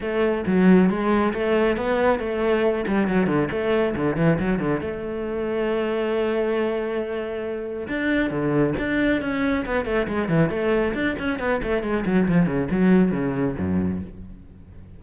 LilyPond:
\new Staff \with { instrumentName = "cello" } { \time 4/4 \tempo 4 = 137 a4 fis4 gis4 a4 | b4 a4. g8 fis8 d8 | a4 d8 e8 fis8 d8 a4~ | a1~ |
a2 d'4 d4 | d'4 cis'4 b8 a8 gis8 e8 | a4 d'8 cis'8 b8 a8 gis8 fis8 | f8 cis8 fis4 cis4 fis,4 | }